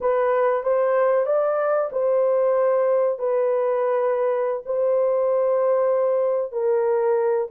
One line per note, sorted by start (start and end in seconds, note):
0.01 0.63 B4
0.63 1.26 C5
1.26 1.90 D5
1.91 3.18 C5
3.18 4.62 B4
4.65 6.52 C5
6.52 7.47 A#4